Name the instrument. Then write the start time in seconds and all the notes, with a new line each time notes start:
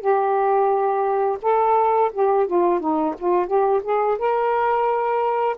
saxophone
0.00 G4
1.42 A4
2.13 G4
2.47 F4
2.80 D#4
3.18 F4
3.47 G4
3.83 G#4
4.18 A#4